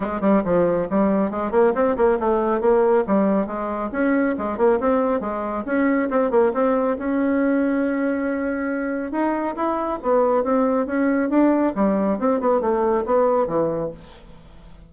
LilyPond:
\new Staff \with { instrumentName = "bassoon" } { \time 4/4 \tempo 4 = 138 gis8 g8 f4 g4 gis8 ais8 | c'8 ais8 a4 ais4 g4 | gis4 cis'4 gis8 ais8 c'4 | gis4 cis'4 c'8 ais8 c'4 |
cis'1~ | cis'4 dis'4 e'4 b4 | c'4 cis'4 d'4 g4 | c'8 b8 a4 b4 e4 | }